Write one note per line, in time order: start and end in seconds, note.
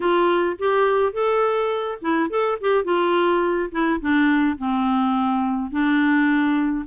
0.00 0.56 F4
0.58 1.12 G4
1.12 1.98 A4
2.01 2.30 E4
2.30 2.58 A4
2.61 2.84 G4
2.84 3.70 F4
3.71 4.00 E4
4.00 4.57 D4
4.58 5.71 C4
5.71 6.85 D4